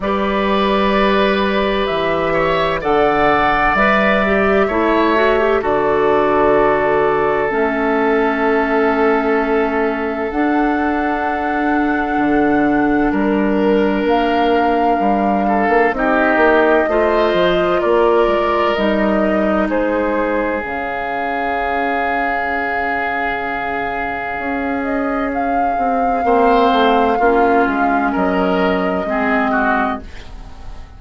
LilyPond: <<
  \new Staff \with { instrumentName = "flute" } { \time 4/4 \tempo 4 = 64 d''2 e''4 fis''4 | e''2 d''2 | e''2. fis''4~ | fis''2 ais'4 f''4~ |
f''4 dis''2 d''4 | dis''4 c''4 f''2~ | f''2~ f''8 dis''8 f''4~ | f''2 dis''2 | }
  \new Staff \with { instrumentName = "oboe" } { \time 4/4 b'2~ b'8 cis''8 d''4~ | d''4 cis''4 a'2~ | a'1~ | a'2 ais'2~ |
ais'8 a'8 g'4 c''4 ais'4~ | ais'4 gis'2.~ | gis'1 | c''4 f'4 ais'4 gis'8 fis'8 | }
  \new Staff \with { instrumentName = "clarinet" } { \time 4/4 g'2. a'4 | b'8 g'8 e'8 fis'16 g'16 fis'2 | cis'2. d'4~ | d'1~ |
d'4 dis'4 f'2 | dis'2 cis'2~ | cis'1 | c'4 cis'2 c'4 | }
  \new Staff \with { instrumentName = "bassoon" } { \time 4/4 g2 e4 d4 | g4 a4 d2 | a2. d'4~ | d'4 d4 g4 ais4 |
g8. ais16 c'8 ais8 a8 f8 ais8 gis8 | g4 gis4 cis2~ | cis2 cis'4. c'8 | ais8 a8 ais8 gis8 fis4 gis4 | }
>>